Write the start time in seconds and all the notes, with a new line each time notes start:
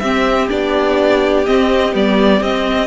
0.00 C4 G4 E5
0.49 B3 D4 D5
1.46 C4 D#5
1.93 G3 B3 D5
2.41 C4 D#5